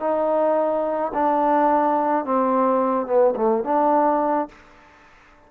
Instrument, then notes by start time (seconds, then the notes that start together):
trombone
0.00 D#4
1.14 D4
2.25 C4
3.07 B3
3.36 A3
3.64 D4